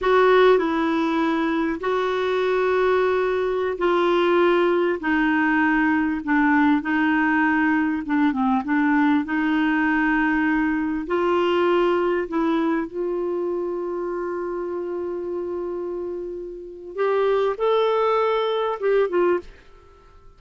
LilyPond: \new Staff \with { instrumentName = "clarinet" } { \time 4/4 \tempo 4 = 99 fis'4 e'2 fis'4~ | fis'2~ fis'16 f'4.~ f'16~ | f'16 dis'2 d'4 dis'8.~ | dis'4~ dis'16 d'8 c'8 d'4 dis'8.~ |
dis'2~ dis'16 f'4.~ f'16~ | f'16 e'4 f'2~ f'8.~ | f'1 | g'4 a'2 g'8 f'8 | }